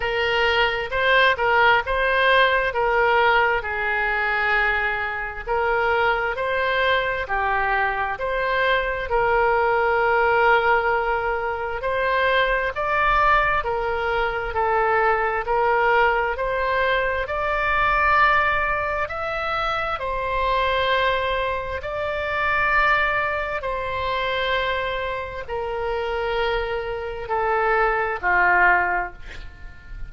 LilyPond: \new Staff \with { instrumentName = "oboe" } { \time 4/4 \tempo 4 = 66 ais'4 c''8 ais'8 c''4 ais'4 | gis'2 ais'4 c''4 | g'4 c''4 ais'2~ | ais'4 c''4 d''4 ais'4 |
a'4 ais'4 c''4 d''4~ | d''4 e''4 c''2 | d''2 c''2 | ais'2 a'4 f'4 | }